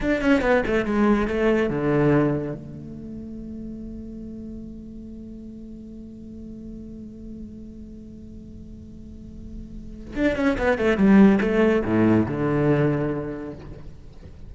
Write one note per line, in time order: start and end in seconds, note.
0.00 0.21 D4
0.21 0.41 C#4
0.41 0.62 B3
0.66 0.85 A3
0.85 1.27 G#3
1.27 1.69 A3
1.69 2.54 D3
2.54 10.14 A3
10.15 10.36 D4
10.36 10.57 C#4
10.58 10.77 B3
10.77 10.97 A3
10.97 11.39 G3
11.40 11.83 A3
11.84 12.26 A2
12.26 13.52 D3